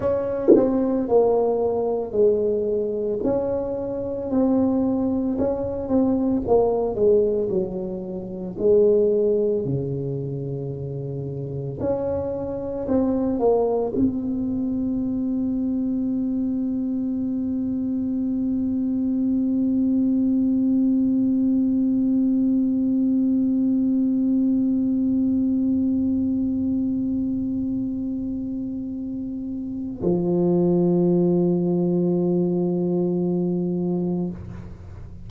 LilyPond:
\new Staff \with { instrumentName = "tuba" } { \time 4/4 \tempo 4 = 56 cis'8 c'8 ais4 gis4 cis'4 | c'4 cis'8 c'8 ais8 gis8 fis4 | gis4 cis2 cis'4 | c'8 ais8 c'2.~ |
c'1~ | c'1~ | c'1 | f1 | }